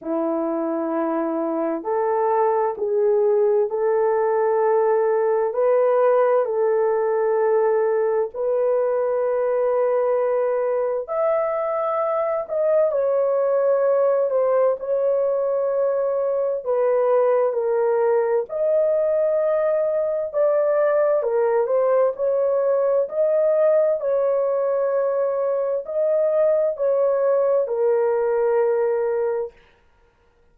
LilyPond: \new Staff \with { instrumentName = "horn" } { \time 4/4 \tempo 4 = 65 e'2 a'4 gis'4 | a'2 b'4 a'4~ | a'4 b'2. | e''4. dis''8 cis''4. c''8 |
cis''2 b'4 ais'4 | dis''2 d''4 ais'8 c''8 | cis''4 dis''4 cis''2 | dis''4 cis''4 ais'2 | }